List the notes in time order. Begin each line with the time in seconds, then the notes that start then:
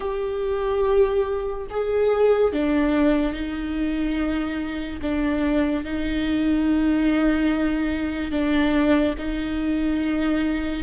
0.00 G4
1.69 G#4
2.52 D4
3.33 D#4
5.01 D4
5.84 D#4
8.31 D4
9.17 D#4